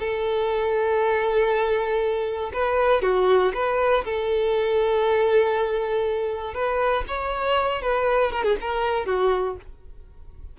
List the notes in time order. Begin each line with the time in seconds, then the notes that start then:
0.00 A4
2.53 B4
3.02 F#4
3.55 B4
4.05 A4
6.54 B4
7.08 C#5
7.82 B4
8.32 A#4
8.44 G#4
8.61 A#4
9.06 F#4